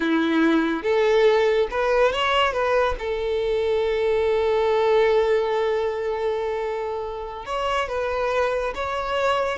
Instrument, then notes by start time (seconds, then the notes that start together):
violin
0.00 E4
0.83 A4
1.70 B4
2.12 C#5
2.52 B4
2.99 A4
7.45 C#5
7.88 B4
8.74 C#5